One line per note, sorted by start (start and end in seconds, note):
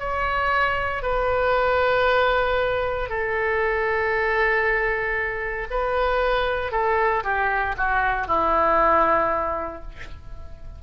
0.00 1.03 C#5
1.03 3.09 B4
3.09 5.68 A4
5.71 6.72 B4
6.72 7.24 A4
7.24 7.76 G4
7.78 8.28 F#4
8.28 9.83 E4